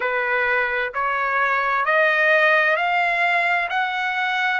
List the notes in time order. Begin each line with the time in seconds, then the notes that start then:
0.00 B4
0.94 C#5
1.85 D#5
2.76 F5
3.69 F#5